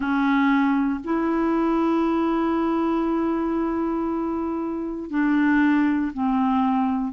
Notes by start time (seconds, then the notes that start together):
0.00 C#4
1.04 E4
5.10 D4
6.12 C4